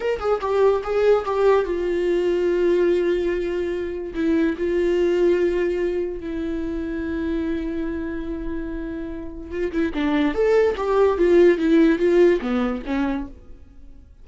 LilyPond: \new Staff \with { instrumentName = "viola" } { \time 4/4 \tempo 4 = 145 ais'8 gis'8 g'4 gis'4 g'4 | f'1~ | f'2 e'4 f'4~ | f'2. e'4~ |
e'1~ | e'2. f'8 e'8 | d'4 a'4 g'4 f'4 | e'4 f'4 b4 cis'4 | }